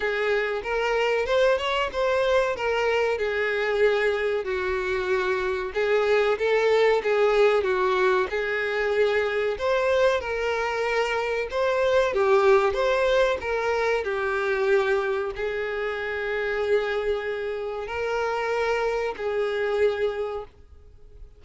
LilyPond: \new Staff \with { instrumentName = "violin" } { \time 4/4 \tempo 4 = 94 gis'4 ais'4 c''8 cis''8 c''4 | ais'4 gis'2 fis'4~ | fis'4 gis'4 a'4 gis'4 | fis'4 gis'2 c''4 |
ais'2 c''4 g'4 | c''4 ais'4 g'2 | gis'1 | ais'2 gis'2 | }